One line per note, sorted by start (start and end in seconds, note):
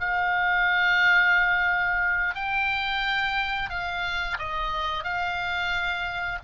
0.00 2.35 F5
2.35 3.70 G5
3.70 4.37 F5
4.39 5.04 D#5
5.04 6.39 F5